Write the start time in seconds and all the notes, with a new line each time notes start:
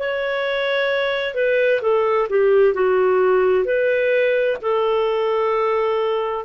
0.00 C#5
1.35 B4
1.82 A4
2.30 G4
2.74 F#4
3.65 B4
4.62 A4